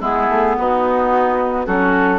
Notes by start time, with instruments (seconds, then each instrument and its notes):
0.00 bassoon G#3, clarinet B3, oboe E4, flute G#4
0.29 bassoon A3
0.57 bassoon B3, oboe D#4, flute F#4
1.66 bassoon F#3, clarinet C#4, oboe F#4, flute A4